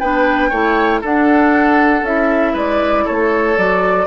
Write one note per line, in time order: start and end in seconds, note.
0.00 0.52 B3
0.00 0.52 D4
0.00 0.50 B4
0.00 1.02 G5
0.50 1.03 A3
0.50 1.03 E4
0.50 1.01 C#5
1.01 2.03 D4
1.01 2.06 D4
1.01 2.53 A4
1.01 2.06 F#5
2.03 2.53 C#4
2.03 3.58 E4
2.03 2.57 E5
2.53 3.05 G#3
2.53 3.04 B4
2.53 3.07 D5
3.05 3.58 A3
3.05 4.07 A4
3.05 3.58 C#5
3.58 4.07 F#3
3.58 4.07 F#4
3.58 4.07 D5